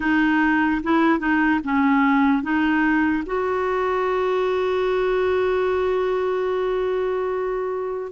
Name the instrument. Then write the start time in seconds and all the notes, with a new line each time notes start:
clarinet
0.00 D#4
0.83 E4
1.19 D#4
1.64 C#4
2.42 D#4
3.25 F#4